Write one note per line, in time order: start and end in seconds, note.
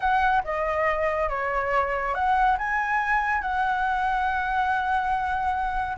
0.00 0.43 F#5
0.44 1.29 D#5
1.29 2.14 C#5
2.14 2.56 F#5
2.58 3.41 G#5
3.41 5.97 F#5